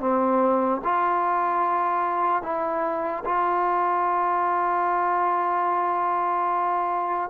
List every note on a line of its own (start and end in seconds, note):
0.00 0.81 C4
0.84 2.42 F4
2.42 3.23 E4
3.25 7.30 F4